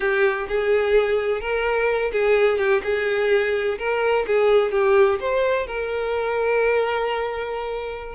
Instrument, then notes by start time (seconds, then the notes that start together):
violin
0.00 G4
0.48 G#4
1.40 A#4
2.12 G#4
2.58 G4
2.83 G#4
3.78 A#4
4.26 G#4
4.71 G4
5.19 C5
5.66 A#4